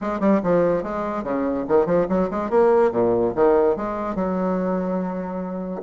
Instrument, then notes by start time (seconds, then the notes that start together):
bassoon
0.01 G#3
0.20 G3
0.43 F3
0.83 G#3
1.23 C#3
1.68 D#3
1.85 F3
2.08 F#3
2.30 G#3
2.50 A#3
2.91 A#2
3.35 D#3
3.76 G#3
4.15 F#3